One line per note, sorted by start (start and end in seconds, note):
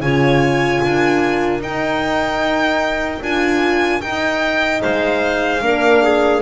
0.00 0.80 C#3
0.00 1.62 F4
0.00 0.82 C#5
0.00 1.61 G#5
0.82 1.60 D4
0.82 4.81 A#4
1.60 3.20 D#4
1.60 3.22 D#4
1.60 3.22 G5
3.21 4.01 D4
3.21 4.02 F4
3.21 4.01 G#5
4.01 4.82 D#4
4.01 5.61 D#4
4.01 4.81 G5
4.81 5.61 G#3
4.81 5.61 C5
4.81 6.41 F5
5.61 6.41 A#3
5.61 6.41 D4
5.61 6.03 A#4
6.03 6.41 G#4